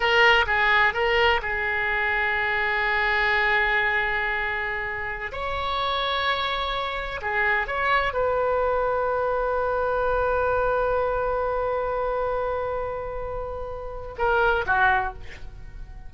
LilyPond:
\new Staff \with { instrumentName = "oboe" } { \time 4/4 \tempo 4 = 127 ais'4 gis'4 ais'4 gis'4~ | gis'1~ | gis'2.~ gis'16 cis''8.~ | cis''2.~ cis''16 gis'8.~ |
gis'16 cis''4 b'2~ b'8.~ | b'1~ | b'1~ | b'2 ais'4 fis'4 | }